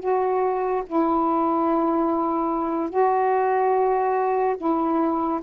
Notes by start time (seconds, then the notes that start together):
0.00 F#4
0.87 E4
2.90 F#4
4.58 E4